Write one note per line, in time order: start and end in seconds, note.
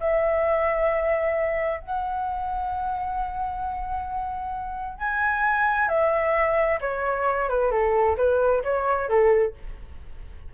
0.00 1.81 E5
1.81 4.99 F#5
4.99 5.88 G#5
5.88 6.79 E5
6.81 7.49 C#5
7.49 7.71 B4
7.71 8.17 A4
8.17 8.63 B4
8.64 9.09 C#5
9.09 9.54 A4